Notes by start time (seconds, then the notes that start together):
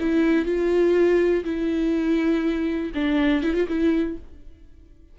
0.00 E4
0.46 F4
1.44 E4
2.95 D4
3.43 E4
3.54 F4
3.68 E4